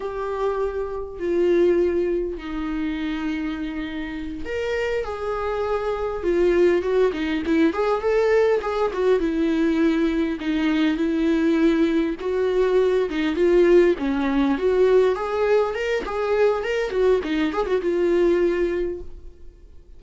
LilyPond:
\new Staff \with { instrumentName = "viola" } { \time 4/4 \tempo 4 = 101 g'2 f'2 | dis'2.~ dis'8 ais'8~ | ais'8 gis'2 f'4 fis'8 | dis'8 e'8 gis'8 a'4 gis'8 fis'8 e'8~ |
e'4. dis'4 e'4.~ | e'8 fis'4. dis'8 f'4 cis'8~ | cis'8 fis'4 gis'4 ais'8 gis'4 | ais'8 fis'8 dis'8 gis'16 fis'16 f'2 | }